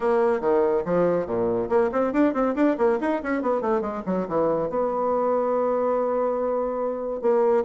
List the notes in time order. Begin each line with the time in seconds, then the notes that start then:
0.00 A#3
0.40 D#3
0.85 F3
1.26 A#2
1.69 A#3
1.91 C4
2.13 D4
2.33 C4
2.55 D4
2.77 A#3
3.00 D#4
3.22 C#4
3.42 B3
3.61 A3
3.81 G#3
4.05 F#3
4.27 E3
4.69 B3
7.21 A#3